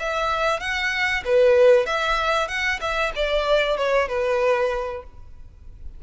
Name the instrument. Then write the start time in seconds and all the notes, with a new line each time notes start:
violin
0.00 E5
0.60 F#5
1.25 B4
1.86 E5
2.48 F#5
2.81 E5
3.16 D5
3.78 C#5
4.09 B4